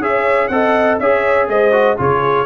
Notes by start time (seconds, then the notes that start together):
0.00 C#4 G#4 C#5 E5
0.48 C4 A4 D#5 F#5
1.00 C#4 G#4 C#5 E5
1.49 G#3 C5 D#5
1.72 F#4
1.97 C#3 F4 G#4 C#5